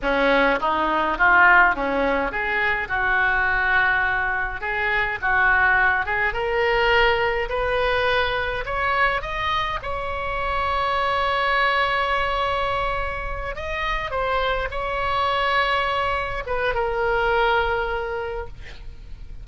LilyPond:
\new Staff \with { instrumentName = "oboe" } { \time 4/4 \tempo 4 = 104 cis'4 dis'4 f'4 cis'4 | gis'4 fis'2. | gis'4 fis'4. gis'8 ais'4~ | ais'4 b'2 cis''4 |
dis''4 cis''2.~ | cis''2.~ cis''8 dis''8~ | dis''8 c''4 cis''2~ cis''8~ | cis''8 b'8 ais'2. | }